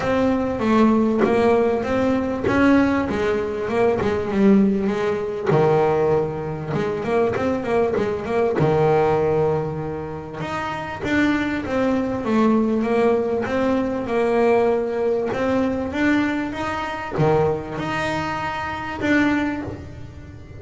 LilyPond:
\new Staff \with { instrumentName = "double bass" } { \time 4/4 \tempo 4 = 98 c'4 a4 ais4 c'4 | cis'4 gis4 ais8 gis8 g4 | gis4 dis2 gis8 ais8 | c'8 ais8 gis8 ais8 dis2~ |
dis4 dis'4 d'4 c'4 | a4 ais4 c'4 ais4~ | ais4 c'4 d'4 dis'4 | dis4 dis'2 d'4 | }